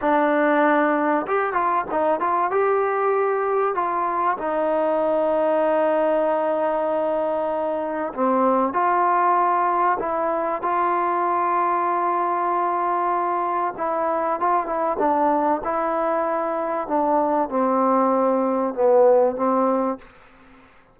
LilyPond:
\new Staff \with { instrumentName = "trombone" } { \time 4/4 \tempo 4 = 96 d'2 g'8 f'8 dis'8 f'8 | g'2 f'4 dis'4~ | dis'1~ | dis'4 c'4 f'2 |
e'4 f'2.~ | f'2 e'4 f'8 e'8 | d'4 e'2 d'4 | c'2 b4 c'4 | }